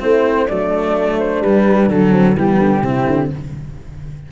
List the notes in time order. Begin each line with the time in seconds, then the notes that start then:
0.00 A3 C4 E4 C5
0.48 F#3 A3 D4 D5
1.19 C5
1.41 G3 B4
1.88 D3 F#3 A4
2.10 C4
2.36 E3 G3 B3 G4
2.58 D3
2.82 C3 C4 E4
3.07 D3